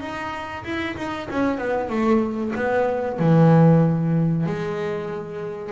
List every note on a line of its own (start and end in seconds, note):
0.00 0.64 D#4
0.64 0.96 E4
0.97 1.29 D#4
1.30 1.58 C#4
1.58 1.89 B3
1.89 2.53 A3
2.56 3.19 B3
3.19 4.46 E3
4.46 5.72 G#3